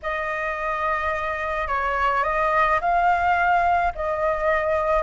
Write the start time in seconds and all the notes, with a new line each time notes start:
0.02 D#5
1.67 C#5
2.23 D#5
2.80 F5
3.95 D#5